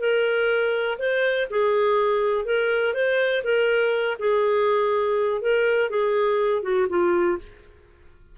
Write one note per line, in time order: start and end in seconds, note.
0.00 0.98 A#4
0.99 1.48 C5
1.50 2.45 G#4
2.45 2.94 A#4
2.94 3.43 C5
3.44 4.18 A#4
4.19 5.42 G#4
5.42 5.90 A#4
5.90 6.63 G#4
6.63 6.87 F#4
6.89 7.38 F4